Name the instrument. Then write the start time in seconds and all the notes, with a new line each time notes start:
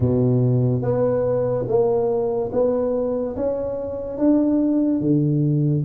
tuba
0.00 B2
0.81 B3
1.67 A#3
2.52 B3
3.36 C#4
4.17 D4
5.00 D3